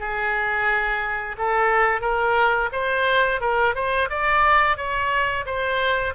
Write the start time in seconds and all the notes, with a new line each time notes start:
0.00 G#4
1.38 A4
2.01 A#4
2.73 C5
3.41 A#4
3.75 C5
4.10 D5
4.77 C#5
5.46 C5